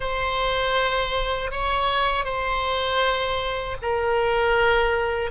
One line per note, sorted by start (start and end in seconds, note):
0.00 1.51 C5
1.51 2.24 C#5
2.24 3.76 C5
3.82 5.31 A#4